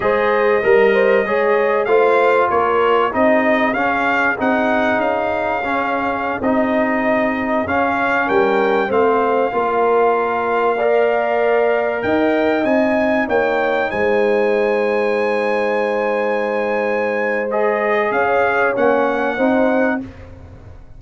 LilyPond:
<<
  \new Staff \with { instrumentName = "trumpet" } { \time 4/4 \tempo 4 = 96 dis''2. f''4 | cis''4 dis''4 f''4 fis''4 | f''2~ f''16 dis''4.~ dis''16~ | dis''16 f''4 g''4 f''4.~ f''16~ |
f''2.~ f''16 g''8.~ | g''16 gis''4 g''4 gis''4.~ gis''16~ | gis''1 | dis''4 f''4 fis''2 | }
  \new Staff \with { instrumentName = "horn" } { \time 4/4 c''4 ais'8 c''8 cis''4 c''4 | ais'4 gis'2.~ | gis'1~ | gis'4~ gis'16 ais'4 c''4 ais'8.~ |
ais'4~ ais'16 d''2 dis''8.~ | dis''4~ dis''16 cis''4 c''4.~ c''16~ | c''1~ | c''4 cis''2 c''4 | }
  \new Staff \with { instrumentName = "trombone" } { \time 4/4 gis'4 ais'4 gis'4 f'4~ | f'4 dis'4 cis'4 dis'4~ | dis'4 cis'4~ cis'16 dis'4.~ dis'16~ | dis'16 cis'2 c'4 f'8.~ |
f'4~ f'16 ais'2~ ais'8.~ | ais'16 dis'2.~ dis'8.~ | dis'1 | gis'2 cis'4 dis'4 | }
  \new Staff \with { instrumentName = "tuba" } { \time 4/4 gis4 g4 gis4 a4 | ais4 c'4 cis'4 c'4 | cis'2~ cis'16 c'4.~ c'16~ | c'16 cis'4 g4 a4 ais8.~ |
ais2.~ ais16 dis'8.~ | dis'16 c'4 ais4 gis4.~ gis16~ | gis1~ | gis4 cis'4 ais4 c'4 | }
>>